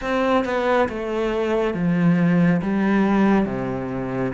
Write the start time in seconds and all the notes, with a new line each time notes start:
0.01 C4
0.44 B3
0.88 A3
1.74 F3
2.62 G3
3.45 C3